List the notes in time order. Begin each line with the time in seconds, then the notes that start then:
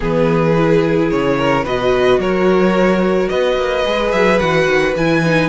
0.00 E3 B3 G#4 B4
0.57 E4
1.10 C#3 C#5
1.38 A#4
1.64 B2 F#4 B4 D#5
2.18 F#3 A#4 C#5
3.29 B3 B4 D#5
3.56 A#3
3.85 G#3 G#4
4.11 F#3 E5
4.38 E3 F#4 F#5
4.66 D#3
4.95 E3 E4 G#5
5.25 D#4